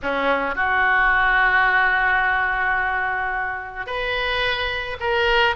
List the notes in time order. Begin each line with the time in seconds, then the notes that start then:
0.02 C#4
0.55 F#4
3.86 B4
5.00 A#4